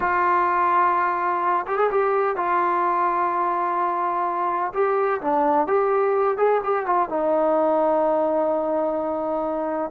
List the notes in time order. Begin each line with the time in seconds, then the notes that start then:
0.00 F4
1.66 G4
1.78 G#4
1.90 G4
2.36 F4
4.73 G4
5.21 D4
5.67 G4
6.37 G#4
6.63 G4
6.86 F4
7.09 D#4